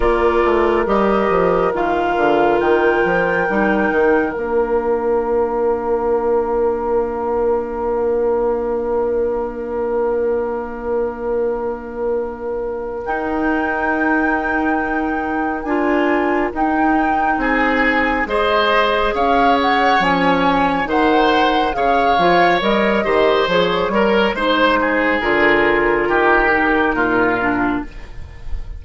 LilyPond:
<<
  \new Staff \with { instrumentName = "flute" } { \time 4/4 \tempo 4 = 69 d''4 dis''4 f''4 g''4~ | g''4 f''2.~ | f''1~ | f''2. g''4~ |
g''2 gis''4 g''4 | gis''4 dis''4 f''8 fis''8 gis''4 | fis''4 f''4 dis''4 cis''4 | c''4 ais'2. | }
  \new Staff \with { instrumentName = "oboe" } { \time 4/4 ais'1~ | ais'1~ | ais'1~ | ais'1~ |
ais'1 | gis'4 c''4 cis''2 | c''4 cis''4. c''4 ais'8 | c''8 gis'4. g'4 f'4 | }
  \new Staff \with { instrumentName = "clarinet" } { \time 4/4 f'4 g'4 f'2 | dis'4 d'2.~ | d'1~ | d'2. dis'4~ |
dis'2 f'4 dis'4~ | dis'4 gis'2 cis'4 | dis'4 gis'8 f'8 ais'8 g'8 gis'8 ais'8 | dis'4 f'4. dis'4 d'8 | }
  \new Staff \with { instrumentName = "bassoon" } { \time 4/4 ais8 a8 g8 f8 dis8 d8 dis8 f8 | g8 dis8 ais2.~ | ais1~ | ais2. dis'4~ |
dis'2 d'4 dis'4 | c'4 gis4 cis'4 f4 | dis4 cis8 f8 g8 dis8 f8 g8 | gis4 d4 dis4 ais,4 | }
>>